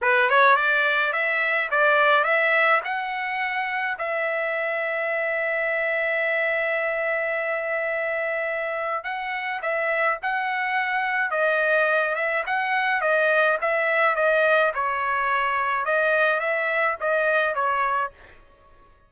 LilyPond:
\new Staff \with { instrumentName = "trumpet" } { \time 4/4 \tempo 4 = 106 b'8 cis''8 d''4 e''4 d''4 | e''4 fis''2 e''4~ | e''1~ | e''1 |
fis''4 e''4 fis''2 | dis''4. e''8 fis''4 dis''4 | e''4 dis''4 cis''2 | dis''4 e''4 dis''4 cis''4 | }